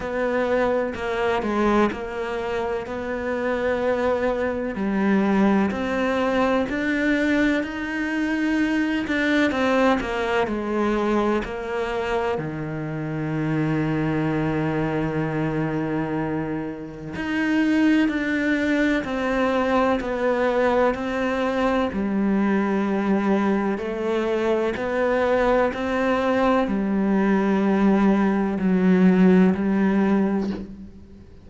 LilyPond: \new Staff \with { instrumentName = "cello" } { \time 4/4 \tempo 4 = 63 b4 ais8 gis8 ais4 b4~ | b4 g4 c'4 d'4 | dis'4. d'8 c'8 ais8 gis4 | ais4 dis2.~ |
dis2 dis'4 d'4 | c'4 b4 c'4 g4~ | g4 a4 b4 c'4 | g2 fis4 g4 | }